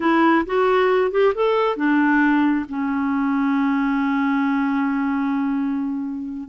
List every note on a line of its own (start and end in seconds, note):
0.00 0.45 E4
0.46 1.11 F#4
1.11 1.33 G4
1.34 1.76 A4
1.76 2.65 D4
2.69 6.48 C#4